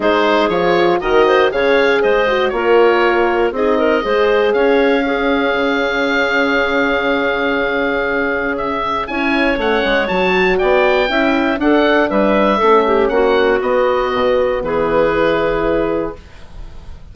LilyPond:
<<
  \new Staff \with { instrumentName = "oboe" } { \time 4/4 \tempo 4 = 119 c''4 cis''4 dis''4 f''4 | dis''4 cis''2 dis''4~ | dis''4 f''2.~ | f''1~ |
f''4 e''4 gis''4 fis''4 | a''4 g''2 fis''4 | e''2 fis''4 dis''4~ | dis''4 b'2. | }
  \new Staff \with { instrumentName = "clarinet" } { \time 4/4 gis'2 ais'8 c''8 cis''4 | c''4 ais'2 gis'8 ais'8 | c''4 cis''4 gis'2~ | gis'1~ |
gis'2 cis''2~ | cis''4 d''4 e''4 a'4 | b'4 a'8 g'8 fis'2~ | fis'4 gis'2. | }
  \new Staff \with { instrumentName = "horn" } { \time 4/4 dis'4 f'4 fis'4 gis'4~ | gis'8 fis'8 f'2 dis'4 | gis'2 cis'2~ | cis'1~ |
cis'2 e'4 cis'4 | fis'2 e'4 d'4~ | d'4 cis'2 b4~ | b2 e'2 | }
  \new Staff \with { instrumentName = "bassoon" } { \time 4/4 gis4 f4 dis4 cis4 | gis4 ais2 c'4 | gis4 cis'2 cis4~ | cis1~ |
cis2 cis'4 a8 gis8 | fis4 b4 cis'4 d'4 | g4 a4 ais4 b4 | b,4 e2. | }
>>